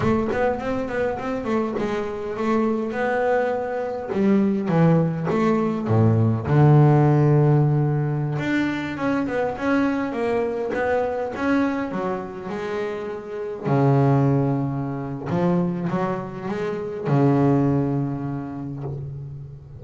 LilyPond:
\new Staff \with { instrumentName = "double bass" } { \time 4/4 \tempo 4 = 102 a8 b8 c'8 b8 c'8 a8 gis4 | a4 b2 g4 | e4 a4 a,4 d4~ | d2~ d16 d'4 cis'8 b16~ |
b16 cis'4 ais4 b4 cis'8.~ | cis'16 fis4 gis2 cis8.~ | cis2 f4 fis4 | gis4 cis2. | }